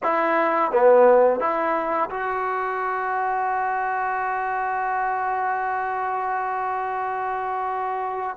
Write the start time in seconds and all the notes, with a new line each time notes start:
0.03 E4
0.71 B3
1.40 E4
2.09 F#4